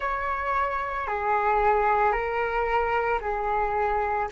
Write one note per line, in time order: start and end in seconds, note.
0.00 1.07 C#5
1.07 2.12 G#4
2.12 3.19 A#4
3.21 4.28 G#4